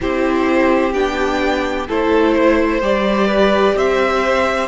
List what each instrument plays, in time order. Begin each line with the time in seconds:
0.00 cello C4, viola E4, violin G4 C5
0.93 cello B3, viola D4, violin G5
1.88 cello A3, viola E4, violin A4 C5
2.36 violin C5
2.81 cello G3, viola G4, violin D5
3.27 violin B4
3.75 cello C4, violin C5 E5